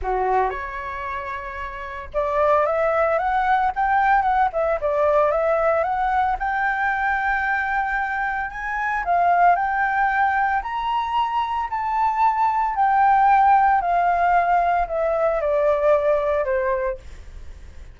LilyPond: \new Staff \with { instrumentName = "flute" } { \time 4/4 \tempo 4 = 113 fis'4 cis''2. | d''4 e''4 fis''4 g''4 | fis''8 e''8 d''4 e''4 fis''4 | g''1 |
gis''4 f''4 g''2 | ais''2 a''2 | g''2 f''2 | e''4 d''2 c''4 | }